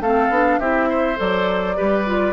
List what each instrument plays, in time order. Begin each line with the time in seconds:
0.00 bassoon A3, clarinet C4, oboe A4, flute F5
0.30 bassoon B3, clarinet D4
0.59 bassoon C4, clarinet E4, oboe G4, flute E5
0.89 oboe C5
1.16 bassoon F#3, clarinet A4, flute D5
1.76 bassoon G3, clarinet G4, oboe B4
2.06 clarinet F4